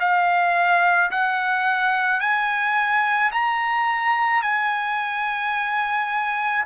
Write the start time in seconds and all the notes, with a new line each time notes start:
0.00 F5
1.12 F#5
2.21 G#5
3.32 A#5
4.43 G#5